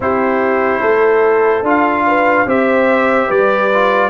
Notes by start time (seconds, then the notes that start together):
0.00 C4 E4 G4 C5
0.80 A3 A4
1.62 D4 F4 F5
2.06 B4
2.46 C4 G4 C5 E5
3.27 G3 B4 D5
3.73 F4